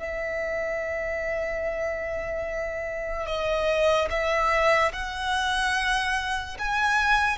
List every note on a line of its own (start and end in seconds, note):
0.00 3.27 E5
3.27 4.09 D#5
4.11 4.93 E5
4.94 6.58 F#5
6.59 7.38 G#5